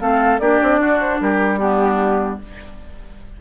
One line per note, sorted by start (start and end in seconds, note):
0.00 0.40 A3
0.00 0.40 C4
0.00 0.41 A4
0.00 0.39 F5
0.39 0.60 A#3
0.39 1.59 D4
0.39 0.80 G4
0.39 0.99 D5
0.63 0.80 C4
0.80 1.20 D4
0.80 1.20 F#4
1.00 1.20 C5
1.21 2.41 G3
1.21 1.59 G4
1.21 1.59 A#4
1.59 2.39 B3
1.59 2.39 D4
1.59 2.39 G4